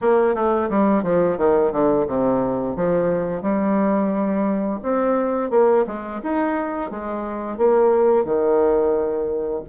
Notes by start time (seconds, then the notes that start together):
0.01 A#3
0.34 A3
0.69 G3
1.03 F3
1.37 D#3
1.72 D3
2.07 C3
2.76 F3
3.42 G3
4.82 C4
5.50 A#3
5.86 G#3
6.23 D#4
6.91 G#3
7.57 A#3
8.24 D#3